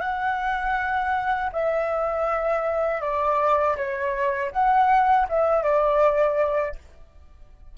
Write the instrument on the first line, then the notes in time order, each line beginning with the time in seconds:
flute
0.00 F#5
1.52 E5
3.01 D5
3.76 C#5
4.52 F#5
5.28 E5
5.62 D5